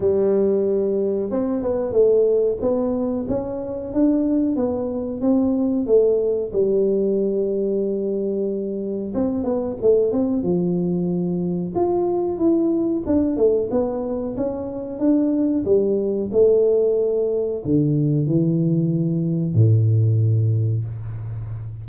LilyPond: \new Staff \with { instrumentName = "tuba" } { \time 4/4 \tempo 4 = 92 g2 c'8 b8 a4 | b4 cis'4 d'4 b4 | c'4 a4 g2~ | g2 c'8 b8 a8 c'8 |
f2 f'4 e'4 | d'8 a8 b4 cis'4 d'4 | g4 a2 d4 | e2 a,2 | }